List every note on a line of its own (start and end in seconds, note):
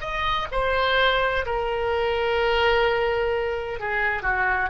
0.00 0.47 D#5
0.51 1.45 C5
1.45 3.79 A#4
3.79 4.22 G#4
4.22 4.69 F#4